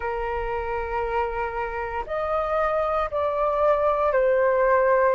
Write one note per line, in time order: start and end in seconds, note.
0.00 2.04 A#4
2.06 3.09 D#5
3.10 4.12 D5
4.12 5.15 C5